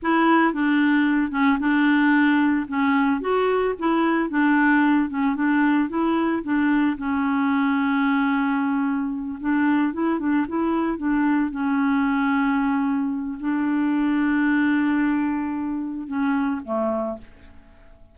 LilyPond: \new Staff \with { instrumentName = "clarinet" } { \time 4/4 \tempo 4 = 112 e'4 d'4. cis'8 d'4~ | d'4 cis'4 fis'4 e'4 | d'4. cis'8 d'4 e'4 | d'4 cis'2.~ |
cis'4. d'4 e'8 d'8 e'8~ | e'8 d'4 cis'2~ cis'8~ | cis'4 d'2.~ | d'2 cis'4 a4 | }